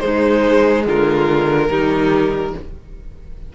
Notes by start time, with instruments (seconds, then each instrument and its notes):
0.00 viola G#3, cello G#3, violin D#4 C5
0.86 cello D3, violin F4 A#4
1.70 cello D#3, viola G3, violin D#4